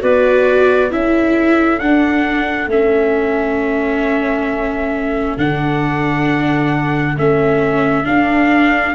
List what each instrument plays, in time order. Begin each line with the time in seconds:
0.00 tuba B3, viola F#4, clarinet B4, trumpet D5
0.90 tuba C#4, viola E4, clarinet A4, trumpet E5
1.79 tuba D4, viola D4, trumpet F#5
2.67 tuba A3, viola C#4, trumpet E5
5.37 tuba D3, viola D4, trumpet F#5
7.16 tuba A3, viola C#4, trumpet E5
8.04 viola D4, tuba D4, trumpet F5